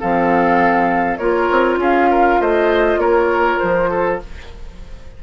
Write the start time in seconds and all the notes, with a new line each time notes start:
0.00 F3 C4 A4 F5
1.17 A#3 F4 A#4 C#5
1.51 C4
1.77 C#4 G#4 F5
2.11 A#4
2.41 A3 C5 D#5
2.98 A#3 A#4 C#5
3.59 F3 C5
3.90 A4